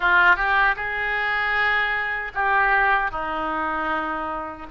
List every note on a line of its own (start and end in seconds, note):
0.00 0.36 F4
0.36 0.75 G4
0.76 2.32 G#4
2.34 3.11 G4
3.11 4.66 D#4